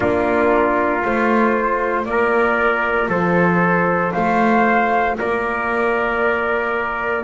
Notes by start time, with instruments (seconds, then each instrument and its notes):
0.00 double bass A#3, horn D4, trumpet F4, flute A#4
1.02 double bass A3, horn F4, flute C5
2.05 double bass A#3, trumpet A#4, flute D5
3.08 double bass F3, trumpet A4, flute C5
4.12 double bass A3, trumpet C5, flute F5
5.18 double bass A#3, trumpet A#4, flute D5